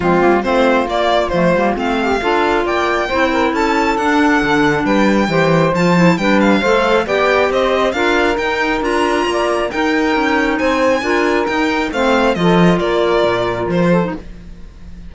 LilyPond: <<
  \new Staff \with { instrumentName = "violin" } { \time 4/4 \tempo 4 = 136 f'4 c''4 d''4 c''4 | f''2 g''2 | a''4 fis''2 g''4~ | g''4 a''4 g''8 f''4. |
g''4 dis''4 f''4 g''4 | ais''2 g''2 | gis''2 g''4 f''4 | dis''4 d''2 c''4 | }
  \new Staff \with { instrumentName = "saxophone" } { \time 4/4 c'4 f'2.~ | f'8 g'8 a'4 d''4 c''8 ais'8 | a'2. b'4 | c''2 b'4 c''4 |
d''4 c''4 ais'2~ | ais'4 d''4 ais'2 | c''4 ais'2 c''4 | a'4 ais'2~ ais'8 a'8 | }
  \new Staff \with { instrumentName = "clarinet" } { \time 4/4 gis8 ais8 c'4 ais4 a8 ais8 | c'4 f'2 e'4~ | e'4 d'2. | g'4 f'8 e'8 d'4 a'4 |
g'2 f'4 dis'4 | f'2 dis'2~ | dis'4 f'4 dis'4 c'4 | f'2.~ f'8. dis'16 | }
  \new Staff \with { instrumentName = "cello" } { \time 4/4 f8 g8 a4 ais4 f8 g8 | a4 d'4 ais4 c'4 | cis'4 d'4 d4 g4 | e4 f4 g4 a4 |
b4 c'4 d'4 dis'4 | d'4 ais4 dis'4 cis'4 | c'4 d'4 dis'4 a4 | f4 ais4 ais,4 f4 | }
>>